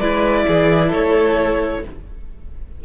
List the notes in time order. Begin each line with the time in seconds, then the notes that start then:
0.00 G#3 E4 B4 D5
0.48 E3 G#4
0.89 A3 A4 C#5